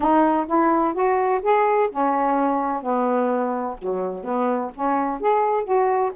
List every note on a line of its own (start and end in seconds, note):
0.00 0.46 D#4
0.47 0.94 E4
0.94 1.41 F#4
1.42 1.89 G#4
1.90 2.82 C#4
2.82 3.76 B3
3.78 4.24 F#3
4.24 4.71 B3
4.75 5.20 C#4
5.20 5.64 G#4
5.64 6.11 F#4